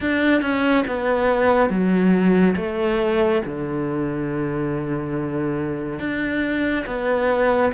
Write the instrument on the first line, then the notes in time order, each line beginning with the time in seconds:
cello
0.00 D4
0.41 C#4
0.87 B3
1.69 F#3
2.56 A3
3.45 D3
5.99 D4
6.86 B3